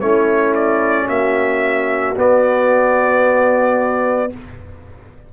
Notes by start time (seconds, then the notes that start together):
0.00 A3 C#4 E4 C#5
0.55 D5
1.08 A#3 F#4 E5
2.16 B3 D5